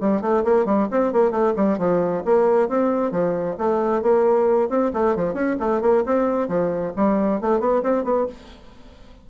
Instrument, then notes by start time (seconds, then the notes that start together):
bassoon
0.00 G3
0.21 A3
0.44 A#3
0.65 G3
0.91 C4
1.12 A#3
1.31 A3
1.56 G3
1.78 F3
2.25 A#3
2.68 C4
3.11 F3
3.58 A3
4.02 A#3
4.69 C4
4.93 A3
5.16 F3
5.33 C#4
5.59 A3
5.81 A#3
6.05 C4
6.48 F3
6.96 G3
7.41 A3
7.60 B3
7.83 C4
8.04 B3